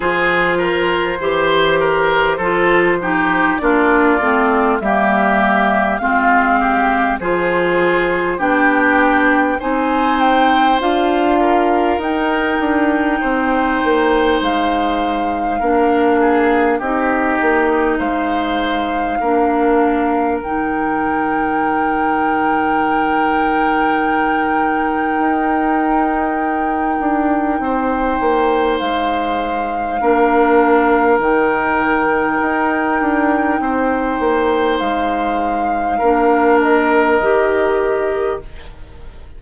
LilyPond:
<<
  \new Staff \with { instrumentName = "flute" } { \time 4/4 \tempo 4 = 50 c''2. d''4 | e''4 f''4 c''4 g''4 | gis''8 g''8 f''4 g''2 | f''2 dis''4 f''4~ |
f''4 g''2.~ | g''1 | f''2 g''2~ | g''4 f''4. dis''4. | }
  \new Staff \with { instrumentName = "oboe" } { \time 4/4 gis'8 ais'8 c''8 ais'8 a'8 g'8 f'4 | g'4 f'8 g'8 gis'4 g'4 | c''4. ais'4. c''4~ | c''4 ais'8 gis'8 g'4 c''4 |
ais'1~ | ais'2. c''4~ | c''4 ais'2. | c''2 ais'2 | }
  \new Staff \with { instrumentName = "clarinet" } { \time 4/4 f'4 g'4 f'8 dis'8 d'8 c'8 | ais4 c'4 f'4 d'4 | dis'4 f'4 dis'2~ | dis'4 d'4 dis'2 |
d'4 dis'2.~ | dis'1~ | dis'4 d'4 dis'2~ | dis'2 d'4 g'4 | }
  \new Staff \with { instrumentName = "bassoon" } { \time 4/4 f4 e4 f4 ais8 a8 | g4 gis4 f4 b4 | c'4 d'4 dis'8 d'8 c'8 ais8 | gis4 ais4 c'8 ais8 gis4 |
ais4 dis2.~ | dis4 dis'4. d'8 c'8 ais8 | gis4 ais4 dis4 dis'8 d'8 | c'8 ais8 gis4 ais4 dis4 | }
>>